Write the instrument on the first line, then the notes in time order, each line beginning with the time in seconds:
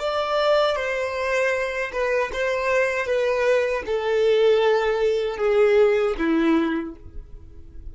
violin
0.00 D5
0.76 C5
1.93 B4
2.33 C5
3.07 B4
3.86 A4
5.38 G#4
6.19 E4